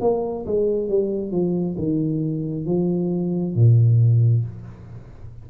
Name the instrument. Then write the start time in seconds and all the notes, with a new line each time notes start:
tuba
0.00 A#3
0.46 G#3
0.88 G3
1.31 F3
1.77 D#3
2.65 F3
3.55 A#2